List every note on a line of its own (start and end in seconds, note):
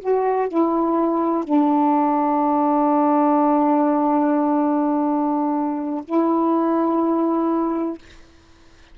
0.00 0.48 F#4
0.49 1.45 E4
1.45 6.04 D4
6.05 7.98 E4